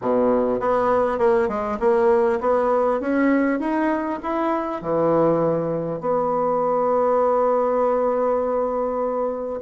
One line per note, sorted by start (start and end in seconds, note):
0.01 0.59 B2
0.59 1.18 B3
1.18 1.48 A#3
1.48 1.78 G#3
1.79 2.39 A#3
2.40 3.00 B3
3.00 3.59 C#4
3.59 4.19 D#4
4.22 4.81 E4
4.81 6.00 E3
6.00 9.60 B3